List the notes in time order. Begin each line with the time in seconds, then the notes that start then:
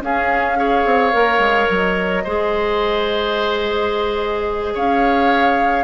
0.00 C#4 G#4 F5
0.56 G#4 C#5
0.84 C4
1.12 A#3 A#4
1.38 G#3
1.69 F#3 D#5
2.23 G#3 G#4 C5
4.74 C#4 C#5 F5